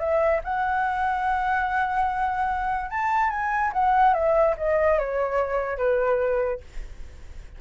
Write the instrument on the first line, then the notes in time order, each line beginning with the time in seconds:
flute
0.00 E5
0.45 F#5
2.91 A5
3.31 G#5
3.73 F#5
4.14 E5
4.58 D#5
4.99 C#5
5.78 B4